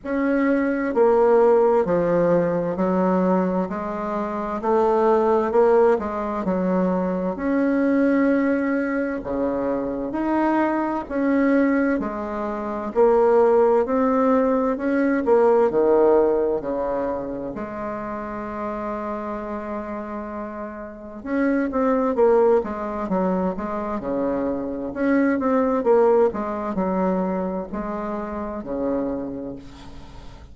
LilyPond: \new Staff \with { instrumentName = "bassoon" } { \time 4/4 \tempo 4 = 65 cis'4 ais4 f4 fis4 | gis4 a4 ais8 gis8 fis4 | cis'2 cis4 dis'4 | cis'4 gis4 ais4 c'4 |
cis'8 ais8 dis4 cis4 gis4~ | gis2. cis'8 c'8 | ais8 gis8 fis8 gis8 cis4 cis'8 c'8 | ais8 gis8 fis4 gis4 cis4 | }